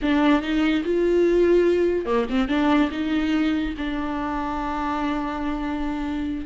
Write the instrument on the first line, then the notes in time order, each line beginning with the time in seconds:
viola
0.02 D4
0.41 D#4
0.84 F4
2.05 A#3
2.29 C4
2.48 D4
2.91 D#4
3.77 D4